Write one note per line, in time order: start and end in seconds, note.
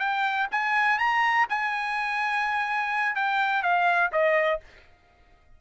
0.00 0.48 G5
0.52 0.99 G#5
0.99 1.47 A#5
1.50 3.16 G#5
3.16 3.63 G5
3.63 4.11 F5
4.13 4.61 D#5